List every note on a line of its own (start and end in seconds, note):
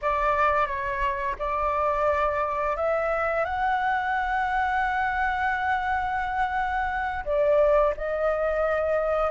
0.01 0.66 D5
0.66 1.35 C#5
1.39 2.76 D5
2.76 3.45 E5
3.45 7.24 F#5
7.24 7.93 D5
7.97 9.30 D#5